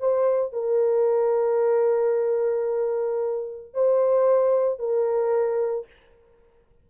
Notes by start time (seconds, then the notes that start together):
0.00 C5
0.53 A#4
3.74 C5
4.79 A#4